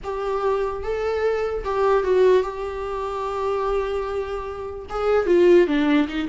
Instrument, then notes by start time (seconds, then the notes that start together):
viola
0.03 G4
0.83 A4
1.64 G4
2.03 F#4
2.43 G4
4.89 G#4
5.26 F4
5.67 D4
6.07 D#4